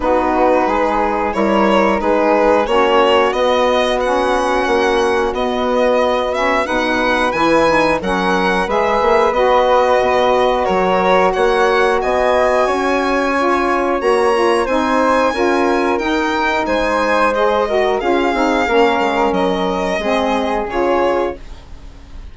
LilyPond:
<<
  \new Staff \with { instrumentName = "violin" } { \time 4/4 \tempo 4 = 90 b'2 cis''4 b'4 | cis''4 dis''4 fis''2 | dis''4. e''8 fis''4 gis''4 | fis''4 e''4 dis''2 |
cis''4 fis''4 gis''2~ | gis''4 ais''4 gis''2 | g''4 gis''4 dis''4 f''4~ | f''4 dis''2 cis''4 | }
  \new Staff \with { instrumentName = "flute" } { \time 4/4 fis'4 gis'4 ais'4 gis'4 | fis'1~ | fis'2 b'2 | ais'4 b'2. |
ais'4 cis''4 dis''4 cis''4~ | cis''2 c''4 ais'4~ | ais'4 c''4. ais'8 gis'4 | ais'2 gis'2 | }
  \new Staff \with { instrumentName = "saxophone" } { \time 4/4 dis'2 e'4 dis'4 | cis'4 b4 cis'2 | b4. cis'8 dis'4 e'8 dis'8 | cis'4 gis'4 fis'2~ |
fis'1 | f'4 fis'8 f'8 dis'4 f'4 | dis'2 gis'8 fis'8 f'8 dis'8 | cis'2 c'4 f'4 | }
  \new Staff \with { instrumentName = "bassoon" } { \time 4/4 b4 gis4 g4 gis4 | ais4 b2 ais4 | b2 b,4 e4 | fis4 gis8 ais8 b4 b,4 |
fis4 ais4 b4 cis'4~ | cis'4 ais4 c'4 cis'4 | dis'4 gis2 cis'8 c'8 | ais8 gis8 fis4 gis4 cis4 | }
>>